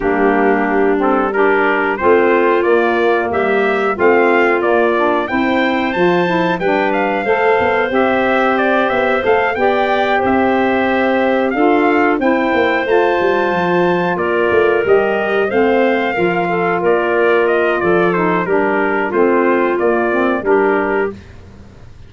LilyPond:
<<
  \new Staff \with { instrumentName = "trumpet" } { \time 4/4 \tempo 4 = 91 g'4. a'8 ais'4 c''4 | d''4 e''4 f''4 d''4 | g''4 a''4 g''8 f''4. | e''4 d''8 e''8 f''8 g''4 e''8~ |
e''4. f''4 g''4 a''8~ | a''4. d''4 dis''4 f''8~ | f''4. d''4 dis''8 d''8 c''8 | ais'4 c''4 d''4 ais'4 | }
  \new Staff \with { instrumentName = "clarinet" } { \time 4/4 d'2 g'4 f'4~ | f'4 g'4 f'2 | c''2 b'4 c''4~ | c''2~ c''8 d''4 c''8~ |
c''4. a'4 c''4.~ | c''4. ais'2 c''8~ | c''8 ais'8 a'8 ais'4. a'4 | g'4 f'2 g'4 | }
  \new Staff \with { instrumentName = "saxophone" } { \time 4/4 ais4. c'8 d'4 c'4 | ais2 c'4 ais8 d'8 | e'4 f'8 e'8 d'4 a'4 | g'2 a'8 g'4.~ |
g'4. f'4 e'4 f'8~ | f'2~ f'8 g'4 c'8~ | c'8 f'2. dis'8 | d'4 c'4 ais8 c'8 d'4 | }
  \new Staff \with { instrumentName = "tuba" } { \time 4/4 g2. a4 | ais4 g4 a4 ais4 | c'4 f4 g4 a8 b8 | c'4. b8 a8 b4 c'8~ |
c'4. d'4 c'8 ais8 a8 | g8 f4 ais8 a8 g4 a8~ | a8 f4 ais4. f4 | g4 a4 ais4 g4 | }
>>